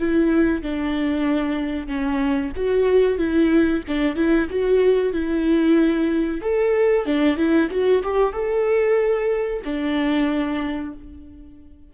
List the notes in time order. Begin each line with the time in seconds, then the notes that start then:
0.00 E4
0.63 D4
1.88 C#4
2.56 F#4
3.18 E4
3.88 D4
4.16 E4
4.50 F#4
5.13 E4
6.41 A4
7.06 D4
7.37 E4
7.71 F#4
8.04 G4
8.33 A4
9.65 D4